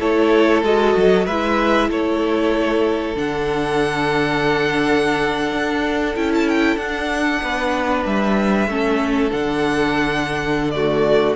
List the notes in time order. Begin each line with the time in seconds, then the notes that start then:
0.00 A3 E4 A4 C#5
0.63 G#3 F#4 D#5
0.96 F#3
1.26 G#3 E4 B4 E5
1.89 A3 A4 C#5
3.16 D3 D4 F#5
5.52 D4
6.16 C#4 E4 G5
6.35 A5
6.49 G5
6.76 D4 F#5
7.43 B3 B4
8.05 G3 E5
8.67 A3 C#4 A4
9.31 D3 D4 F#5
10.71 A3 F#4 D5